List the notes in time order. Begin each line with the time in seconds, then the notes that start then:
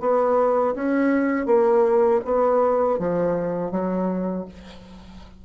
0.00 B3
0.74 C#4
1.46 A#3
2.24 B3
2.99 F3
3.71 F#3